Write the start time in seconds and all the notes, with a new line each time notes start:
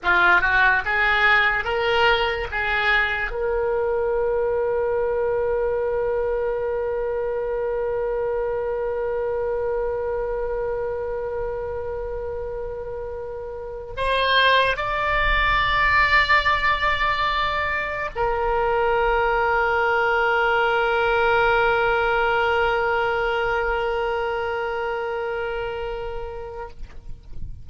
0.03 F4
0.41 F#4
0.85 G#4
1.64 A#4
2.51 G#4
3.30 A#4
13.97 C5
14.77 D5
18.15 A#4